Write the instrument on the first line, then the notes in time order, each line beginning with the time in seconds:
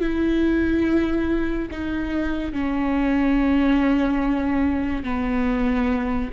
viola
0.00 E4
1.71 D#4
2.53 C#4
5.04 B3